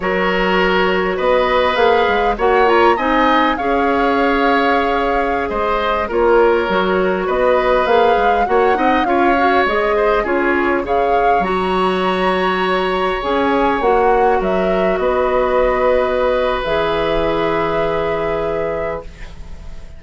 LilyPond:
<<
  \new Staff \with { instrumentName = "flute" } { \time 4/4 \tempo 4 = 101 cis''2 dis''4 f''4 | fis''8 ais''8 gis''4 f''2~ | f''4~ f''16 dis''4 cis''4.~ cis''16~ | cis''16 dis''4 f''4 fis''4 f''8.~ |
f''16 dis''4 cis''4 f''4 ais''8.~ | ais''2~ ais''16 gis''4 fis''8.~ | fis''16 e''4 dis''2~ dis''8. | e''1 | }
  \new Staff \with { instrumentName = "oboe" } { \time 4/4 ais'2 b'2 | cis''4 dis''4 cis''2~ | cis''4~ cis''16 c''4 ais'4.~ ais'16~ | ais'16 b'2 cis''8 dis''8 cis''8.~ |
cis''8. c''8 gis'4 cis''4.~ cis''16~ | cis''1~ | cis''16 ais'4 b'2~ b'8.~ | b'1 | }
  \new Staff \with { instrumentName = "clarinet" } { \time 4/4 fis'2. gis'4 | fis'8 f'8 dis'4 gis'2~ | gis'2~ gis'16 f'4 fis'8.~ | fis'4~ fis'16 gis'4 fis'8 dis'8 f'8 fis'16~ |
fis'16 gis'4 f'4 gis'4 fis'8.~ | fis'2~ fis'16 gis'4 fis'8.~ | fis'1 | gis'1 | }
  \new Staff \with { instrumentName = "bassoon" } { \time 4/4 fis2 b4 ais8 gis8 | ais4 c'4 cis'2~ | cis'4~ cis'16 gis4 ais4 fis8.~ | fis16 b4 ais8 gis8 ais8 c'8 cis'8.~ |
cis'16 gis4 cis'4 cis4 fis8.~ | fis2~ fis16 cis'4 ais8.~ | ais16 fis4 b2~ b8. | e1 | }
>>